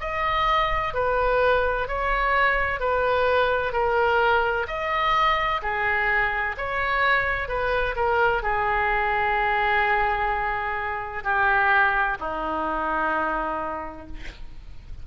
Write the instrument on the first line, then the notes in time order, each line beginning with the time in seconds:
oboe
0.00 D#5
0.94 B4
1.88 C#5
2.80 B4
3.73 A#4
4.67 D#5
5.62 G#4
6.58 C#5
7.48 B4
7.96 A#4
8.43 G#4
11.24 G4
12.19 D#4